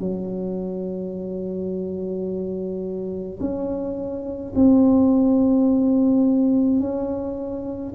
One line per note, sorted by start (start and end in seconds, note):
0.00 3.40 F#3
3.41 4.54 C#4
4.55 6.80 C4
6.80 7.93 C#4